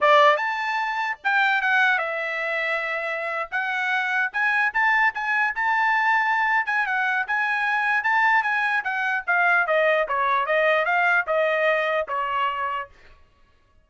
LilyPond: \new Staff \with { instrumentName = "trumpet" } { \time 4/4 \tempo 4 = 149 d''4 a''2 g''4 | fis''4 e''2.~ | e''8. fis''2 gis''4 a''16~ | a''8. gis''4 a''2~ a''16~ |
a''8 gis''8 fis''4 gis''2 | a''4 gis''4 fis''4 f''4 | dis''4 cis''4 dis''4 f''4 | dis''2 cis''2 | }